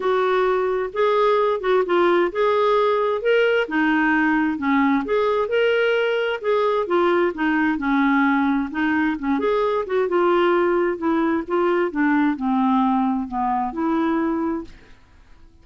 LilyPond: \new Staff \with { instrumentName = "clarinet" } { \time 4/4 \tempo 4 = 131 fis'2 gis'4. fis'8 | f'4 gis'2 ais'4 | dis'2 cis'4 gis'4 | ais'2 gis'4 f'4 |
dis'4 cis'2 dis'4 | cis'8 gis'4 fis'8 f'2 | e'4 f'4 d'4 c'4~ | c'4 b4 e'2 | }